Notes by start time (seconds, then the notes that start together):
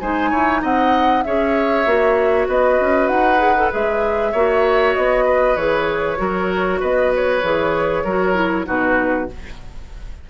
0.00 G#3 D#4 C5 G#5
0.30 E4 C#5
0.62 C4 D#5 F#5
1.23 C#4 G#4 C#5 E5
1.86 A#3 F#4
2.48 B3 B4 D#5
2.81 C#4
3.08 D#4 F#5
3.38 G#4
3.57 A4
3.72 G#3 G#4 E5
4.32 A#3 F#4 C#5
4.95 B3 D#5
5.25 B4
5.56 E3 G#4 C#5
6.17 F#3 F#4 A#4
6.80 B3 B4 D#5
7.15 C#5
7.43 E3 G#4
8.04 F#3 F#4 A#4
8.34 E4
8.65 B2 D#4 F#4 B4